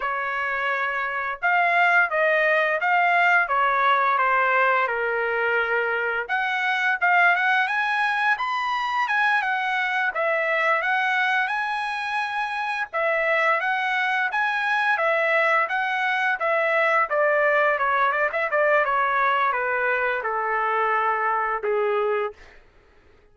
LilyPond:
\new Staff \with { instrumentName = "trumpet" } { \time 4/4 \tempo 4 = 86 cis''2 f''4 dis''4 | f''4 cis''4 c''4 ais'4~ | ais'4 fis''4 f''8 fis''8 gis''4 | b''4 gis''8 fis''4 e''4 fis''8~ |
fis''8 gis''2 e''4 fis''8~ | fis''8 gis''4 e''4 fis''4 e''8~ | e''8 d''4 cis''8 d''16 e''16 d''8 cis''4 | b'4 a'2 gis'4 | }